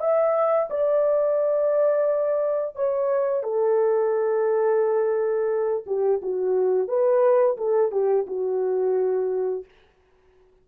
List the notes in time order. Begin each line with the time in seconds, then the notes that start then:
0.00 E5
0.70 D5
2.76 C#5
3.43 A4
5.86 G4
6.22 F#4
6.88 B4
7.57 A4
7.91 G4
8.27 F#4